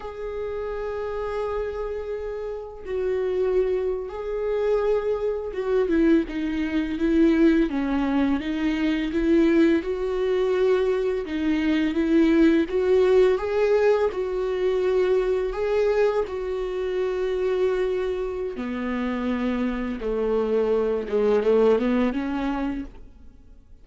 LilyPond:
\new Staff \with { instrumentName = "viola" } { \time 4/4 \tempo 4 = 84 gis'1 | fis'4.~ fis'16 gis'2 fis'16~ | fis'16 e'8 dis'4 e'4 cis'4 dis'16~ | dis'8. e'4 fis'2 dis'16~ |
dis'8. e'4 fis'4 gis'4 fis'16~ | fis'4.~ fis'16 gis'4 fis'4~ fis'16~ | fis'2 b2 | a4. gis8 a8 b8 cis'4 | }